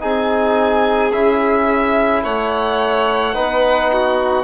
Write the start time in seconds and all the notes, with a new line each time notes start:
0.00 C4 D#4 G#4 G#5
1.13 C#4 E4 E5
2.23 A3 C#5 F#5
3.34 B3 D#4 B4
3.93 F#4